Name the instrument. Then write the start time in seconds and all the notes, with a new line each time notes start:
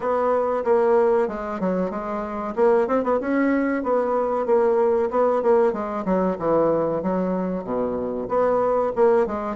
bassoon
0.00 B3
0.64 A#3
1.28 G#3
1.60 F#3
1.90 G#3
2.55 A#3
2.87 C4
3.03 B3
3.20 C#4
3.83 B3
4.45 A#3
5.10 B3
5.42 A#3
5.72 G#3
6.05 F#3
6.38 E3
7.02 F#3
7.64 B2
8.28 B3
8.95 A#3
9.26 G#3